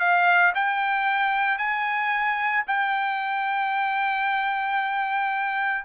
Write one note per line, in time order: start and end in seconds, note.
0.00 0.53 F5
0.55 1.58 G5
1.58 2.65 G#5
2.67 5.85 G5